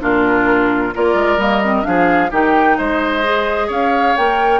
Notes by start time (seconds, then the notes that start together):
0.00 A#2 D4 F4 A#4
0.94 A#3 F4 A#4 D5
1.14 G#3
1.37 G3 A#3 D#5
1.64 C4
1.82 F3 D4 G#4 F5
2.31 D#3 D#4 G4 G5
2.77 G#3 C5 D#5
3.23 G#4
3.67 C#4 C#5 F5
4.16 A#3 A#4 G5